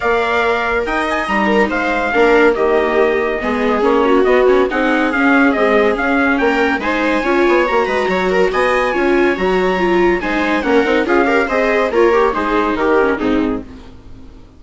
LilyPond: <<
  \new Staff \with { instrumentName = "trumpet" } { \time 4/4 \tempo 4 = 141 f''2 g''8 gis''8 ais''4 | f''2 dis''2~ | dis''4 cis''4 dis''8 cis''8 fis''4 | f''4 dis''4 f''4 g''4 |
gis''2 ais''2 | gis''2 ais''2 | gis''4 fis''4 f''4 dis''4 | cis''4 c''4 ais'4 gis'4 | }
  \new Staff \with { instrumentName = "viola" } { \time 4/4 d''2 dis''4. ais'8 | c''4 ais'4 g'2 | gis'4. fis'4. gis'4~ | gis'2. ais'4 |
c''4 cis''4. b'8 cis''8 ais'8 | dis''4 cis''2. | c''4 ais'4 gis'8 ais'8 c''4 | f'8 g'8 gis'4 g'4 dis'4 | }
  \new Staff \with { instrumentName = "viola" } { \time 4/4 ais'2. dis'4~ | dis'4 d'4 ais2 | b4 cis'4 b8 cis'8 dis'4 | cis'4 gis4 cis'2 |
dis'4 f'4 fis'2~ | fis'4 f'4 fis'4 f'4 | dis'4 cis'8 dis'8 f'8 g'8 gis'4 | ais'4 dis'4. cis'8 c'4 | }
  \new Staff \with { instrumentName = "bassoon" } { \time 4/4 ais2 dis'4 g4 | gis4 ais4 dis2 | gis4 ais4 b4 c'4 | cis'4 c'4 cis'4 ais4 |
gis4 cis'8 b8 ais8 gis8 fis4 | b4 cis'4 fis2 | gis4 ais8 c'8 cis'4 c'4 | ais4 gis4 dis4 gis,4 | }
>>